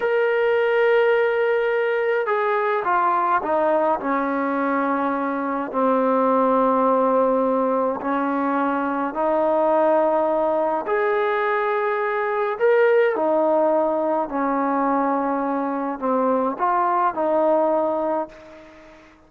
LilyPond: \new Staff \with { instrumentName = "trombone" } { \time 4/4 \tempo 4 = 105 ais'1 | gis'4 f'4 dis'4 cis'4~ | cis'2 c'2~ | c'2 cis'2 |
dis'2. gis'4~ | gis'2 ais'4 dis'4~ | dis'4 cis'2. | c'4 f'4 dis'2 | }